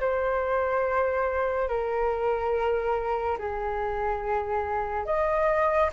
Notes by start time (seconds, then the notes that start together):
0.00 C5
1.68 A#4
3.38 G#4
5.05 D#5